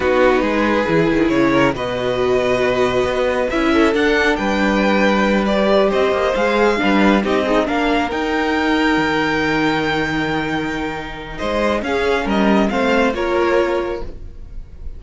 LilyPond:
<<
  \new Staff \with { instrumentName = "violin" } { \time 4/4 \tempo 4 = 137 b'2. cis''4 | dis''1 | e''4 fis''4 g''2~ | g''8 d''4 dis''4 f''4.~ |
f''8 dis''4 f''4 g''4.~ | g''1~ | g''2 dis''4 f''4 | dis''4 f''4 cis''2 | }
  \new Staff \with { instrumentName = "violin" } { \time 4/4 fis'4 gis'2~ gis'8 ais'8 | b'1~ | b'8 a'4. b'2~ | b'4. c''2 b'8~ |
b'8 g'8 dis'8 ais'2~ ais'8~ | ais'1~ | ais'2 c''4 gis'4 | ais'4 c''4 ais'2 | }
  \new Staff \with { instrumentName = "viola" } { \time 4/4 dis'2 e'2 | fis'1 | e'4 d'2.~ | d'8 g'2 gis'4 d'8~ |
d'8 dis'8 gis'8 d'4 dis'4.~ | dis'1~ | dis'2. cis'4~ | cis'4 c'4 f'2 | }
  \new Staff \with { instrumentName = "cello" } { \time 4/4 b4 gis4 e8 dis8 cis4 | b,2. b4 | cis'4 d'4 g2~ | g4. c'8 ais8 gis4 g8~ |
g8 c'4 ais4 dis'4.~ | dis'8 dis2.~ dis8~ | dis2 gis4 cis'4 | g4 a4 ais2 | }
>>